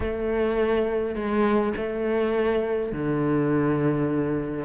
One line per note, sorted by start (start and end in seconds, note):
0.00 1.15 A3
1.15 1.73 G#3
1.76 2.92 A3
2.92 4.64 D3